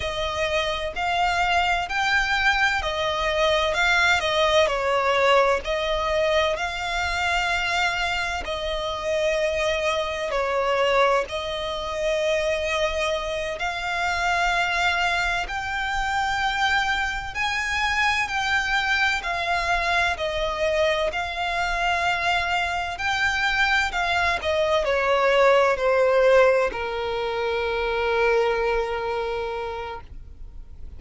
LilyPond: \new Staff \with { instrumentName = "violin" } { \time 4/4 \tempo 4 = 64 dis''4 f''4 g''4 dis''4 | f''8 dis''8 cis''4 dis''4 f''4~ | f''4 dis''2 cis''4 | dis''2~ dis''8 f''4.~ |
f''8 g''2 gis''4 g''8~ | g''8 f''4 dis''4 f''4.~ | f''8 g''4 f''8 dis''8 cis''4 c''8~ | c''8 ais'2.~ ais'8 | }